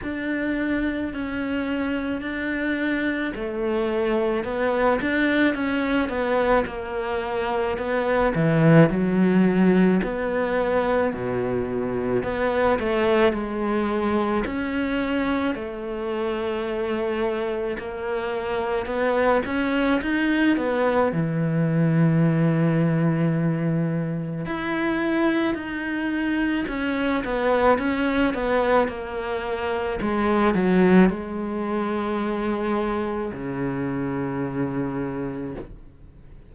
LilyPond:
\new Staff \with { instrumentName = "cello" } { \time 4/4 \tempo 4 = 54 d'4 cis'4 d'4 a4 | b8 d'8 cis'8 b8 ais4 b8 e8 | fis4 b4 b,4 b8 a8 | gis4 cis'4 a2 |
ais4 b8 cis'8 dis'8 b8 e4~ | e2 e'4 dis'4 | cis'8 b8 cis'8 b8 ais4 gis8 fis8 | gis2 cis2 | }